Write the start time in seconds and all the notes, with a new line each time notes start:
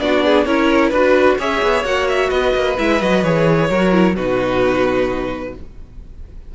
0.00 B3 D4 F#4 D5
0.25 G#4
0.45 C#4 E4 A#4 C#5
0.89 D4 F#4 B4
1.39 C#4 G#4 C#5 E5
1.63 B3
1.84 A#3 F#4 F#5
2.09 E5
2.29 B3 B4 D#5
2.55 A#3
2.78 G#3 E4 E5
3.02 F#3 F#4 D#5
3.24 E3 G#4 C#5
3.70 F#3 F#4 A#4
3.92 E4
4.15 B2 D#4 F#4 B4